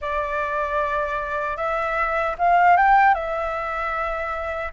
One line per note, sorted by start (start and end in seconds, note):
0.01 1.56 D5
1.56 2.35 E5
2.38 2.76 F5
2.76 3.14 G5
3.14 4.72 E5